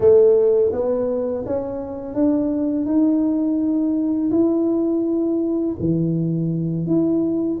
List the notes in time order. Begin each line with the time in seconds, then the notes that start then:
0.00 A3
0.72 B3
1.46 C#4
2.14 D4
2.85 D#4
4.30 E4
5.79 E3
6.86 E4